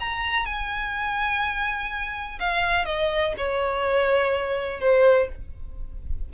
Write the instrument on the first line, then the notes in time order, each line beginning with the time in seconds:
violin
0.00 A#5
0.45 G#5
2.39 F5
2.85 D#5
3.37 C#5
4.80 C5